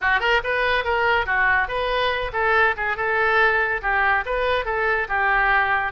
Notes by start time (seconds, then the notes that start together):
0.01 F#4
0.20 A#4
0.43 B4
0.84 A#4
1.26 F#4
1.68 B4
2.33 A4
2.76 G#4
2.97 A4
3.82 G4
4.25 B4
4.65 A4
5.08 G4